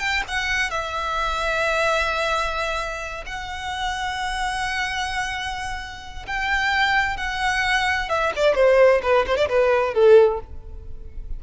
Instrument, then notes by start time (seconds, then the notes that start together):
violin
0.00 G5
0.28 F#5
0.70 E5
3.26 F#5
6.27 G5
7.17 F#5
8.10 E5
8.36 D5
8.55 C5
9.03 B4
9.27 C5
9.37 D5
9.49 B4
9.94 A4